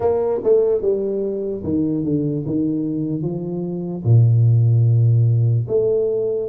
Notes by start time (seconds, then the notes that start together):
0.00 A#3
0.43 A3
0.81 G3
1.63 D#3
2.04 D3
2.46 D#3
3.22 F3
4.04 A#2
5.68 A3